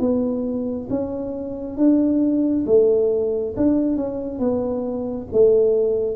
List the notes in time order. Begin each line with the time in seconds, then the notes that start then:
0.00 B3
0.90 C#4
1.77 D4
2.67 A3
3.57 D4
3.97 C#4
4.39 B3
5.32 A3